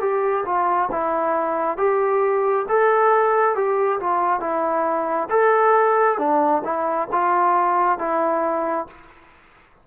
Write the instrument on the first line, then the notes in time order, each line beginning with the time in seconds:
trombone
0.00 G4
0.45 F4
0.91 E4
1.77 G4
2.68 A4
3.55 G4
3.99 F4
4.40 E4
5.29 A4
6.18 D4
6.64 E4
7.12 F4
7.99 E4